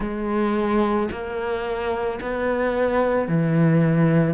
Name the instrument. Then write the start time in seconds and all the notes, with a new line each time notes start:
cello
0.00 G#3
1.11 A#3
2.21 B3
3.27 E3